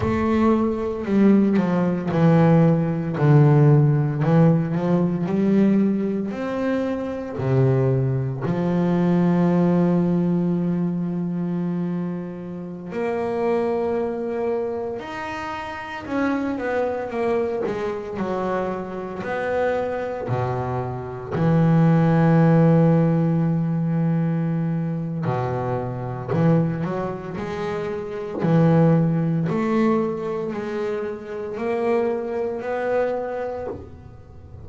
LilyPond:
\new Staff \with { instrumentName = "double bass" } { \time 4/4 \tempo 4 = 57 a4 g8 f8 e4 d4 | e8 f8 g4 c'4 c4 | f1~ | f16 ais2 dis'4 cis'8 b16~ |
b16 ais8 gis8 fis4 b4 b,8.~ | b,16 e2.~ e8. | b,4 e8 fis8 gis4 e4 | a4 gis4 ais4 b4 | }